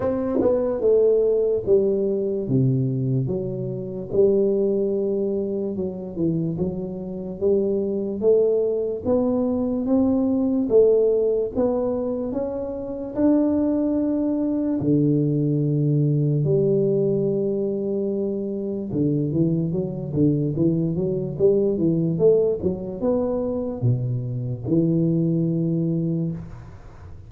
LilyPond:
\new Staff \with { instrumentName = "tuba" } { \time 4/4 \tempo 4 = 73 c'8 b8 a4 g4 c4 | fis4 g2 fis8 e8 | fis4 g4 a4 b4 | c'4 a4 b4 cis'4 |
d'2 d2 | g2. d8 e8 | fis8 d8 e8 fis8 g8 e8 a8 fis8 | b4 b,4 e2 | }